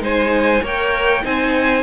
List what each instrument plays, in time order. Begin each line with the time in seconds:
0.00 cello G#3, viola D#4, violin C5 G#5
0.62 cello A#3, viola A#4, violin C#5 G5
1.22 cello C4, viola D#4, violin C5 G#5